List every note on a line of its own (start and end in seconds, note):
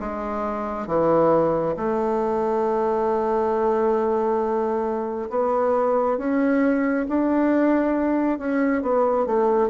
0.00 0.87 G#3
0.87 1.76 E3
1.77 5.30 A3
5.30 6.18 B3
6.18 7.06 C#4
7.09 8.39 D4
8.39 8.83 C#4
8.83 9.26 B3
9.26 9.70 A3